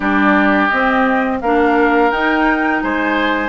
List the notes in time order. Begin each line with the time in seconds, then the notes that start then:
0.00 G3 D4 G4 D5
0.68 C4 D#5
1.40 A#3 D4 A#4 F5
2.11 D#4 G5
2.82 G#3 C5 G#5